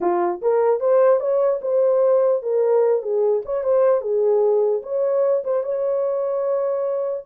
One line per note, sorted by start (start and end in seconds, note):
0.00 0.41 F4
0.41 0.80 A#4
0.80 1.20 C5
1.20 1.60 C#5
1.61 2.42 C5
2.42 3.02 A#4
3.02 3.42 G#4
3.45 3.63 C#5
3.63 4.01 C5
4.01 4.81 G#4
4.82 5.43 C#5
5.44 5.63 C5
5.63 7.24 C#5